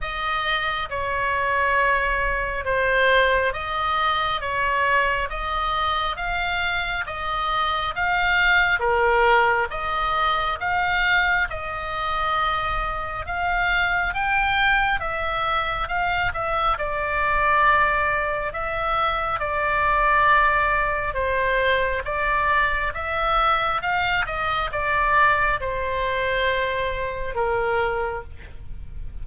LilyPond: \new Staff \with { instrumentName = "oboe" } { \time 4/4 \tempo 4 = 68 dis''4 cis''2 c''4 | dis''4 cis''4 dis''4 f''4 | dis''4 f''4 ais'4 dis''4 | f''4 dis''2 f''4 |
g''4 e''4 f''8 e''8 d''4~ | d''4 e''4 d''2 | c''4 d''4 e''4 f''8 dis''8 | d''4 c''2 ais'4 | }